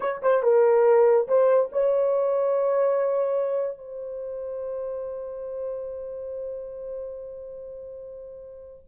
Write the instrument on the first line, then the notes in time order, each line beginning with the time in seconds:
horn
0.00 C#5
0.22 C5
0.42 A#4
1.28 C5
1.72 C#5
3.77 C5